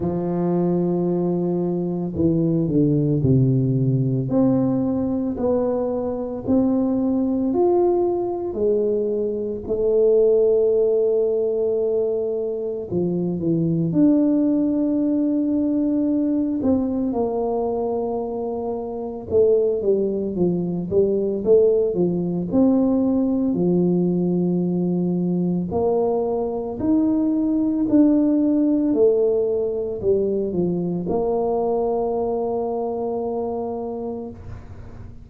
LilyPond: \new Staff \with { instrumentName = "tuba" } { \time 4/4 \tempo 4 = 56 f2 e8 d8 c4 | c'4 b4 c'4 f'4 | gis4 a2. | f8 e8 d'2~ d'8 c'8 |
ais2 a8 g8 f8 g8 | a8 f8 c'4 f2 | ais4 dis'4 d'4 a4 | g8 f8 ais2. | }